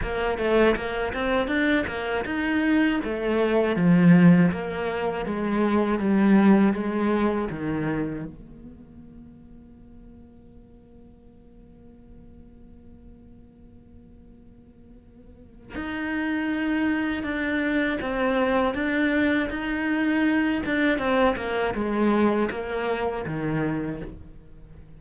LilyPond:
\new Staff \with { instrumentName = "cello" } { \time 4/4 \tempo 4 = 80 ais8 a8 ais8 c'8 d'8 ais8 dis'4 | a4 f4 ais4 gis4 | g4 gis4 dis4 ais4~ | ais1~ |
ais1~ | ais4 dis'2 d'4 | c'4 d'4 dis'4. d'8 | c'8 ais8 gis4 ais4 dis4 | }